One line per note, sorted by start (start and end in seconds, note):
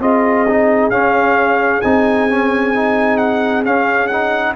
0.00 0.91 C4
0.00 0.47 F4
0.00 4.55 G#4
0.00 0.90 D#5
0.48 0.91 D#4
0.90 1.82 C#4
0.90 1.81 F5
1.81 3.65 C4
1.81 2.30 D#4
1.81 3.17 G#5
2.30 2.75 C#4
2.75 3.65 D#4
3.17 3.63 F#5
3.65 4.10 C#4
3.65 4.56 C#4
3.65 4.07 F5
4.07 4.56 D#4
4.07 4.53 F#5